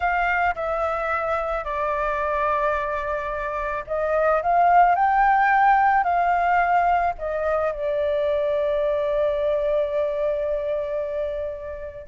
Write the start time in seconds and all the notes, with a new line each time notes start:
0.00 F5
0.55 E5
1.64 D5
3.87 D#5
4.42 F5
4.95 G5
6.03 F5
7.18 D#5
7.71 D5